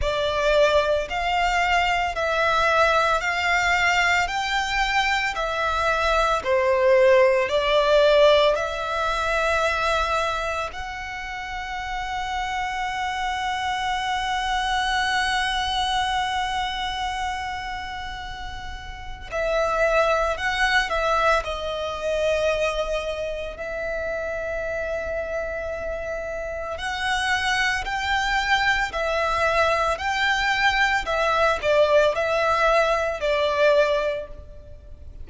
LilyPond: \new Staff \with { instrumentName = "violin" } { \time 4/4 \tempo 4 = 56 d''4 f''4 e''4 f''4 | g''4 e''4 c''4 d''4 | e''2 fis''2~ | fis''1~ |
fis''2 e''4 fis''8 e''8 | dis''2 e''2~ | e''4 fis''4 g''4 e''4 | g''4 e''8 d''8 e''4 d''4 | }